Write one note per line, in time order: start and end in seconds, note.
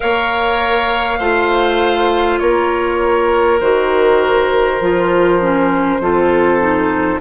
0.00 1.19 A#3
0.00 1.20 A#4
0.00 1.19 C#5
0.00 2.39 F5
1.19 2.39 A3
1.19 3.60 F4
1.19 2.39 C5
2.39 3.60 A#3
2.39 6.02 A#4
2.39 3.58 C#5
3.60 4.80 D#3
3.60 4.80 F#4
3.60 7.20 C5
4.80 5.99 F3
4.80 5.40 F4
5.40 6.00 C#4
5.99 7.19 F2
5.99 6.58 F4
5.99 7.21 A4
6.58 7.19 D#4